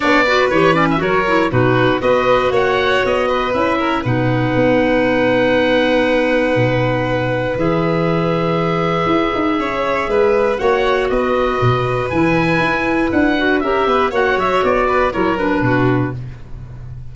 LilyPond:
<<
  \new Staff \with { instrumentName = "oboe" } { \time 4/4 \tempo 4 = 119 d''4 cis''8 d''16 e''16 cis''4 b'4 | dis''4 fis''4 dis''4 e''4 | fis''1~ | fis''2. e''4~ |
e''1~ | e''4 fis''4 dis''2 | gis''2 fis''4 e''4 | fis''8 e''8 d''4 cis''8 b'4. | }
  \new Staff \with { instrumentName = "violin" } { \time 4/4 cis''8 b'4. ais'4 fis'4 | b'4 cis''4. b'4 ais'8 | b'1~ | b'1~ |
b'2. cis''4 | b'4 cis''4 b'2~ | b'2. ais'8 b'8 | cis''4. b'8 ais'4 fis'4 | }
  \new Staff \with { instrumentName = "clarinet" } { \time 4/4 d'8 fis'8 g'8 cis'8 fis'8 e'8 dis'4 | fis'2. e'4 | dis'1~ | dis'2. gis'4~ |
gis'1~ | gis'4 fis'2. | e'2~ e'8 fis'8 g'4 | fis'2 e'8 d'4. | }
  \new Staff \with { instrumentName = "tuba" } { \time 4/4 b4 e4 fis4 b,4 | b4 ais4 b4 cis'4 | b,4 b2.~ | b4 b,2 e4~ |
e2 e'8 dis'8 cis'4 | gis4 ais4 b4 b,4 | e4 e'4 d'4 cis'8 b8 | ais8 fis8 b4 fis4 b,4 | }
>>